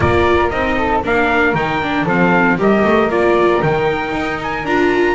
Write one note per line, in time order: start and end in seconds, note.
0.00 0.51 A#3
0.00 0.51 F4
0.00 0.77 A#4
0.00 0.49 D5
0.49 1.03 C4
0.49 1.02 D#4
0.49 1.01 D#5
0.77 1.03 A4
1.03 1.54 A#3
1.03 1.55 D4
1.03 2.04 A#4
1.03 1.55 F5
1.54 2.05 D#3
1.54 1.82 D#4
1.54 2.06 G5
1.82 2.07 D4
2.04 2.57 F3
2.04 2.58 C4
2.04 2.56 A4
2.04 2.59 F5
2.57 2.83 G3
2.57 3.09 G4
2.57 5.14 A#4
2.57 3.11 D#5
2.84 3.09 A3
3.09 3.61 A#3
3.09 3.61 F4
3.09 3.61 D5
3.61 4.12 D#3
3.61 4.65 D#4
3.61 4.39 G5
4.12 4.64 D#4
4.42 4.65 G#5
4.64 5.14 D4
4.64 5.14 F4
4.64 5.14 A#5